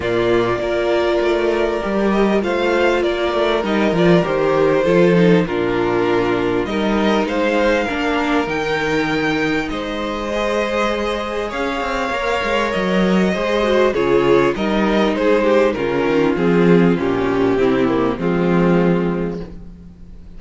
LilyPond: <<
  \new Staff \with { instrumentName = "violin" } { \time 4/4 \tempo 4 = 99 d''2.~ d''8 dis''8 | f''4 d''4 dis''8 d''8 c''4~ | c''4 ais'2 dis''4 | f''2 g''2 |
dis''2. f''4~ | f''4 dis''2 cis''4 | dis''4 c''4 ais'4 gis'4 | g'2 f'2 | }
  \new Staff \with { instrumentName = "violin" } { \time 4/4 f'4 ais'2. | c''4 ais'2. | a'4 f'2 ais'4 | c''4 ais'2. |
c''2. cis''4~ | cis''2 c''4 gis'4 | ais'4 gis'8 g'8 f'2~ | f'4 e'4 c'2 | }
  \new Staff \with { instrumentName = "viola" } { \time 4/4 ais4 f'2 g'4 | f'2 dis'8 f'8 g'4 | f'8 dis'8 d'2 dis'4~ | dis'4 d'4 dis'2~ |
dis'4 gis'2. | ais'2 gis'8 fis'8 f'4 | dis'2 cis'4 c'4 | cis'4 c'8 ais8 gis2 | }
  \new Staff \with { instrumentName = "cello" } { \time 4/4 ais,4 ais4 a4 g4 | a4 ais8 a8 g8 f8 dis4 | f4 ais,2 g4 | gis4 ais4 dis2 |
gis2. cis'8 c'8 | ais8 gis8 fis4 gis4 cis4 | g4 gis4 cis8 dis8 f4 | ais,4 c4 f2 | }
>>